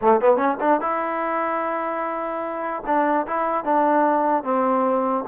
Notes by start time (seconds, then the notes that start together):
0.01 A3
0.20 B3
0.36 C#4
0.60 D4
0.80 E4
2.86 D4
3.26 E4
3.64 D4
4.43 C4